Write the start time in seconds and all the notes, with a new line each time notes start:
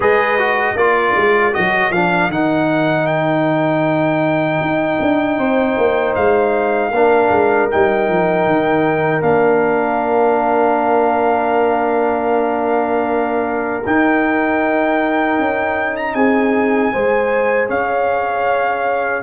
0.00 G#3 G#4 B4 D#5
0.38 F#4
0.75 A#3 F4 A#4 D5
1.16 G#3
1.52 F#3 F#4 D#5
1.91 F3 D4 F5
2.28 D#3 D#4 F#5
3.06 G5
4.61 D#4
5.01 D4
5.37 C4 C5
5.77 A#3
6.15 G#3 F5
6.91 A#3 D4 A#4
7.29 G#3
7.70 G3 D#4 G5
8.08 F3
8.46 D#3
9.21 A#3 D4 F5
13.86 D#4 G5
15.38 C#4
15.96 A#5
16.14 C4 G#4 G#5
16.92 G#3 G#4 C5
17.68 C#4 C#5 F5